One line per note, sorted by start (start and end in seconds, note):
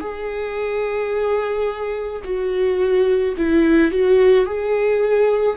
0.00 2.22 G#4
2.24 3.35 F#4
3.37 3.91 E4
3.91 4.45 F#4
4.45 5.57 G#4